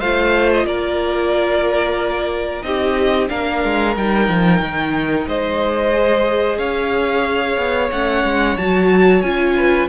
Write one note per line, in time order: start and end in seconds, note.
0.00 0.65 A3
0.00 2.64 F4
0.00 0.66 C5
0.00 0.50 F5
0.54 0.66 D#5
0.65 2.63 A#3
0.65 2.66 A#4
0.65 2.63 D5
2.63 3.30 C4
2.63 3.29 D#4
2.63 3.31 G4
2.63 3.29 D#5
3.29 3.64 A#3
3.29 3.95 D4
3.29 5.28 A#4
3.29 3.95 F5
3.64 3.97 G#3
3.97 4.29 G3
3.97 5.93 D#4
3.97 5.28 G5
4.29 4.61 F3
4.61 5.27 D#3
5.28 6.59 G#3
5.28 6.58 C5
5.28 6.59 D#5
5.93 7.91 G#4
6.58 7.57 C#4
6.58 9.55 C#5
6.58 7.91 F5
7.57 7.90 B3
7.92 8.24 A3
7.92 8.59 C#4
7.92 8.57 F#5
8.24 8.57 G#3
8.57 9.23 F#3
8.57 9.24 F#4
8.57 9.22 A5
9.22 9.89 C#4
9.22 9.89 F4
9.22 9.88 G#5
9.57 9.89 B4